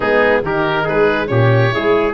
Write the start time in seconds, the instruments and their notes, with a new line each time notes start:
0.00 tuba G#3, horn B3, trumpet D#4, oboe G#4
0.41 tuba D#3, horn D#4, trumpet G4, oboe A#4
0.83 tuba G#3, trumpet G#4, oboe B4
1.27 tuba A#2, horn C#4, trumpet G4, oboe C#5
1.71 tuba G#3, horn E4, trumpet G#4